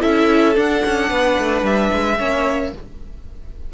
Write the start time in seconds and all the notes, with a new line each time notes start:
0.00 C#4 E4 A4 E5
0.55 D4 F#5
0.85 C#4
1.09 B3 B4
1.39 A3
1.63 G3 E5
1.93 G#3
2.19 A#3 C#4 C#5